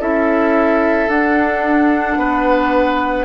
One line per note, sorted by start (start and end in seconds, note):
0.00 1.08 C#4
0.00 1.09 E4
0.00 2.18 A4
0.00 1.10 E5
1.08 2.17 D4
1.08 3.25 D4
1.08 3.25 F#5
2.17 3.25 B3
2.17 3.25 B4